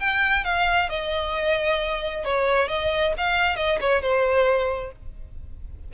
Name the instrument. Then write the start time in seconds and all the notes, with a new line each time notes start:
violin
0.00 G5
0.44 F5
0.89 D#5
2.25 C#5
2.68 D#5
3.17 F5
3.56 D#5
3.81 C#5
4.02 C5